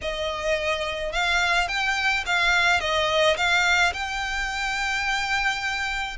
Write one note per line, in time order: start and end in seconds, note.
0.01 1.12 D#5
1.12 1.68 F5
1.68 2.24 G5
2.26 2.80 F5
2.80 3.36 D#5
3.36 3.93 F5
3.93 6.17 G5